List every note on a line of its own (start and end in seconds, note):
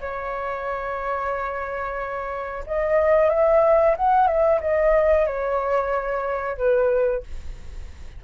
0.00 2.64 C#5
2.66 3.29 D#5
3.29 3.95 E5
3.96 4.27 F#5
4.27 4.60 E5
4.60 5.26 D#5
5.26 6.57 C#5
6.57 7.23 B4